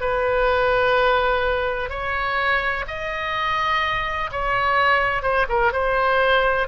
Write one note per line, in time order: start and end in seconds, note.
0.00 1.89 B4
1.89 2.84 C#5
2.87 4.30 D#5
4.31 5.22 C#5
5.22 5.46 C5
5.48 5.72 A#4
5.72 6.67 C5